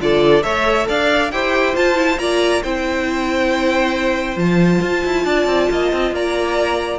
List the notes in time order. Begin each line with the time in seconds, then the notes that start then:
0.00 D3 F4 A4 D5
0.42 A3 A4 C#5 E5
0.88 D4 D5 F5
1.31 E4 G4 C5 G5
1.74 F4 A5
1.95 E4
2.18 A#3 F4 D5 A#5
2.63 C4 E4 C5 G5
4.36 F3 F4 A5
4.82 F4
5.05 E4
5.24 D4 D5
5.46 C4
5.70 A#3 D#5
5.92 C4
6.11 A#3 D5 A#5